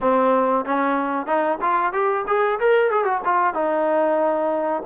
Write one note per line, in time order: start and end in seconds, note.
0.01 0.65 C4
0.65 1.26 C#4
1.26 1.58 D#4
1.61 1.92 F4
1.92 2.25 G4
2.27 2.59 G#4
2.59 2.90 A#4
2.90 3.04 G#4
3.04 3.20 F#4
3.24 3.53 F4
3.53 4.82 D#4